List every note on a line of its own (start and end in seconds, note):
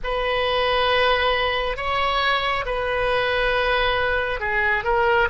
0.03 1.76 B4
1.76 2.65 C#5
2.65 4.40 B4
4.40 4.83 G#4
4.83 5.27 A#4